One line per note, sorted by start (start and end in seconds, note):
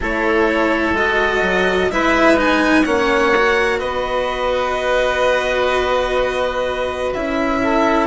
0.00 0.93 A3
0.00 0.95 E4
0.00 1.91 A4
0.00 0.96 C#5
0.93 1.40 G#3
0.93 1.90 F#4
0.93 1.91 D#5
1.41 1.89 F#3
1.91 2.86 G#3
1.91 2.36 E4
1.91 2.85 B4
1.91 2.38 E5
2.36 2.84 D#4
2.36 2.84 G#5
2.84 3.81 A#3
2.84 3.33 C#4
2.84 3.79 C#5
2.84 3.79 F#5
3.35 7.15 F#4
3.79 7.14 B3
3.79 7.60 B4
3.79 7.12 D#5
7.13 8.06 C#4
7.13 8.06 E4
7.13 8.06 E5
7.63 8.06 A4